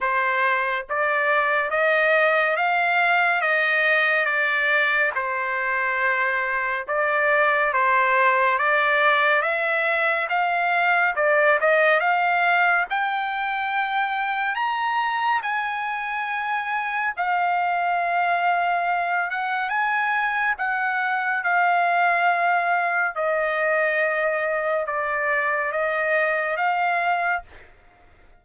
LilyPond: \new Staff \with { instrumentName = "trumpet" } { \time 4/4 \tempo 4 = 70 c''4 d''4 dis''4 f''4 | dis''4 d''4 c''2 | d''4 c''4 d''4 e''4 | f''4 d''8 dis''8 f''4 g''4~ |
g''4 ais''4 gis''2 | f''2~ f''8 fis''8 gis''4 | fis''4 f''2 dis''4~ | dis''4 d''4 dis''4 f''4 | }